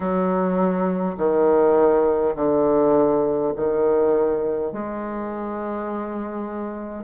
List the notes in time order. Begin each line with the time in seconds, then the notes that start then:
0.00 F#3
1.17 D#3
2.35 D3
3.56 D#3
4.72 G#3